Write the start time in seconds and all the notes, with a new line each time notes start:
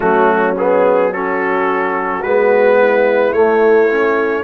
0.00 F#3 A3 C#4 F#4
0.57 B3 G#4
1.10 C#4 F#4 A4
2.22 G#3 B3 B4
2.80 E4
3.32 A3 C#5
3.89 C#4